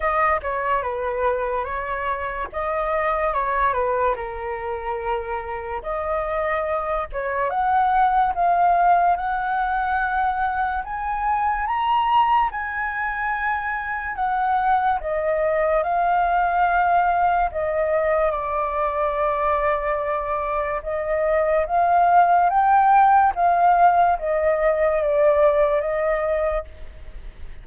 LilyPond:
\new Staff \with { instrumentName = "flute" } { \time 4/4 \tempo 4 = 72 dis''8 cis''8 b'4 cis''4 dis''4 | cis''8 b'8 ais'2 dis''4~ | dis''8 cis''8 fis''4 f''4 fis''4~ | fis''4 gis''4 ais''4 gis''4~ |
gis''4 fis''4 dis''4 f''4~ | f''4 dis''4 d''2~ | d''4 dis''4 f''4 g''4 | f''4 dis''4 d''4 dis''4 | }